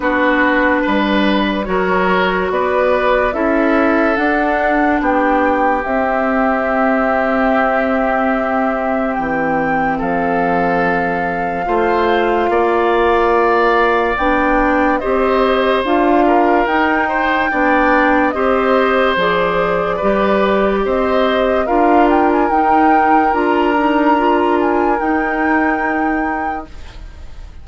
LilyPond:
<<
  \new Staff \with { instrumentName = "flute" } { \time 4/4 \tempo 4 = 72 b'2 cis''4 d''4 | e''4 fis''4 g''4 e''4~ | e''2. g''4 | f''1~ |
f''4 g''4 dis''4 f''4 | g''2 dis''4 d''4~ | d''4 dis''4 f''8 g''16 gis''16 g''4 | ais''4. gis''8 g''2 | }
  \new Staff \with { instrumentName = "oboe" } { \time 4/4 fis'4 b'4 ais'4 b'4 | a'2 g'2~ | g'1 | a'2 c''4 d''4~ |
d''2 c''4. ais'8~ | ais'8 c''8 d''4 c''2 | b'4 c''4 ais'2~ | ais'1 | }
  \new Staff \with { instrumentName = "clarinet" } { \time 4/4 d'2 fis'2 | e'4 d'2 c'4~ | c'1~ | c'2 f'2~ |
f'4 d'4 g'4 f'4 | dis'4 d'4 g'4 gis'4 | g'2 f'4 dis'4 | f'8 dis'8 f'4 dis'2 | }
  \new Staff \with { instrumentName = "bassoon" } { \time 4/4 b4 g4 fis4 b4 | cis'4 d'4 b4 c'4~ | c'2. e4 | f2 a4 ais4~ |
ais4 b4 c'4 d'4 | dis'4 b4 c'4 f4 | g4 c'4 d'4 dis'4 | d'2 dis'2 | }
>>